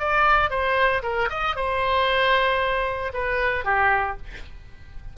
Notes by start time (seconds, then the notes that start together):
0.00 D5
0.51 C5
1.03 A#4
1.30 D#5
1.56 C5
3.14 B4
3.65 G4